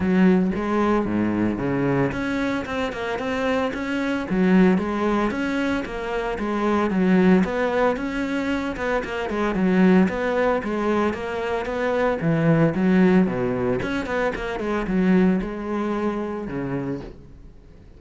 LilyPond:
\new Staff \with { instrumentName = "cello" } { \time 4/4 \tempo 4 = 113 fis4 gis4 gis,4 cis4 | cis'4 c'8 ais8 c'4 cis'4 | fis4 gis4 cis'4 ais4 | gis4 fis4 b4 cis'4~ |
cis'8 b8 ais8 gis8 fis4 b4 | gis4 ais4 b4 e4 | fis4 b,4 cis'8 b8 ais8 gis8 | fis4 gis2 cis4 | }